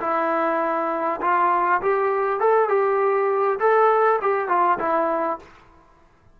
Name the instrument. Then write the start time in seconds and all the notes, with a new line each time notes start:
trombone
0.00 E4
1.21 F4
1.81 G4
2.40 A4
2.68 G4
3.59 A4
4.21 G4
4.48 F4
4.78 E4